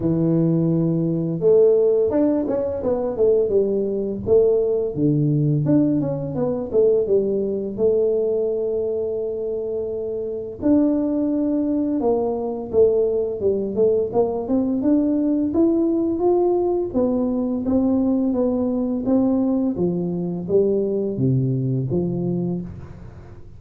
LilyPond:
\new Staff \with { instrumentName = "tuba" } { \time 4/4 \tempo 4 = 85 e2 a4 d'8 cis'8 | b8 a8 g4 a4 d4 | d'8 cis'8 b8 a8 g4 a4~ | a2. d'4~ |
d'4 ais4 a4 g8 a8 | ais8 c'8 d'4 e'4 f'4 | b4 c'4 b4 c'4 | f4 g4 c4 f4 | }